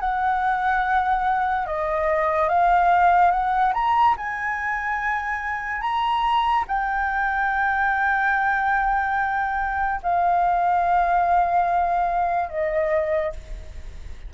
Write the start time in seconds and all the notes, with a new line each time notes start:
0.00 F#5
1.66 D#5
2.49 F5
3.31 F#5
3.73 A#5
4.17 G#5
5.81 A#5
6.67 G5
10.03 F5
12.49 D#5